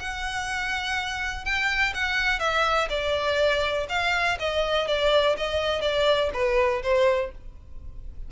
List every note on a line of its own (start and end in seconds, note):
0.00 1.45 F#5
1.45 1.94 G5
1.95 2.40 F#5
2.40 2.89 E5
2.90 3.87 D5
3.89 4.38 F5
4.40 4.88 D#5
4.88 5.37 D5
5.37 5.82 D#5
5.82 6.31 D5
6.34 6.83 B4
6.83 7.32 C5